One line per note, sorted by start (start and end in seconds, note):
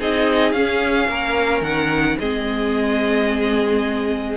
0.00 0.53 C4
0.00 0.56 D#4
0.00 1.09 G#4
0.00 0.52 D#5
0.52 1.08 C#4
0.52 2.21 C#4
0.52 1.62 F5
1.09 1.62 A#3
1.09 2.19 A#4
1.62 2.17 D#3
1.62 2.19 F#5
2.20 4.38 G#3
2.20 4.38 C4
2.20 4.38 G#4
2.20 4.38 D#5